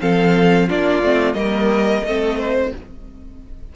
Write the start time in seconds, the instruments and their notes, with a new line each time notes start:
0.00 cello F3, viola C4, violin A4 F5
0.68 cello A#3, viola D4, violin F4 D5
1.03 cello A3, viola C4
1.33 cello G3, viola A#3, violin A#4 D#5
2.04 cello A3, viola C4, violin A4
2.38 violin C5